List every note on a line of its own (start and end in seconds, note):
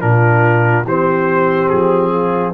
0.00 0.84 A#2
0.00 0.85 D4
0.00 0.84 F4
0.00 0.86 A#4
0.84 1.69 E3
0.84 2.54 C4
0.84 2.11 G4
0.84 1.69 C5
1.69 2.54 F3
1.69 2.54 G#4
2.11 2.53 F4